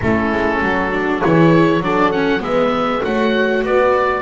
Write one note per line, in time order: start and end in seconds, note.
0.00 0.32 A3
0.00 0.92 C#4
0.00 0.61 E4
0.00 1.22 A4
0.32 0.61 G#3
0.61 1.22 F#3
0.61 1.22 F#4
0.92 1.22 D4
1.22 1.79 E3
1.22 1.83 E4
1.22 1.84 G#4
1.22 1.83 C#5
1.79 2.40 F#3
1.79 2.13 D4
1.79 2.42 A4
1.79 2.11 D5
2.11 2.39 C#4
2.11 2.41 F#5
2.39 3.01 G#3
2.39 3.00 B3
2.39 3.02 B4
2.39 3.04 E5
3.01 3.64 A3
3.01 4.21 F#4
3.01 3.63 C#5
3.01 3.64 F#5
3.64 4.21 B3
3.64 4.21 B4
3.64 4.21 D5